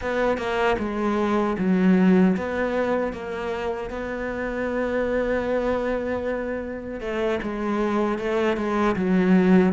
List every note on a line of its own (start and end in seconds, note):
0.01 0.37 B3
0.37 0.76 A#3
0.78 1.56 G#3
1.58 2.36 F#3
2.36 3.12 B3
3.12 3.90 A#3
3.90 7.00 B3
7.00 7.39 A3
7.42 8.18 G#3
8.18 8.56 A3
8.56 8.95 G#3
8.96 9.73 F#3